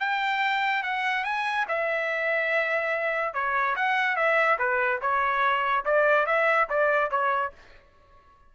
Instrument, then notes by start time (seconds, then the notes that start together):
trumpet
0.00 G5
0.83 F#5
1.24 G#5
1.69 E5
3.34 C#5
3.76 F#5
4.16 E5
4.59 B4
5.02 C#5
5.85 D5
6.26 E5
6.70 D5
7.11 C#5